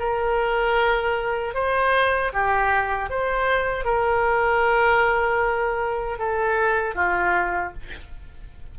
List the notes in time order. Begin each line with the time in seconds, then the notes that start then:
0.00 A#4
1.55 C5
2.33 G4
3.10 C5
3.85 A#4
6.19 A4
6.96 F4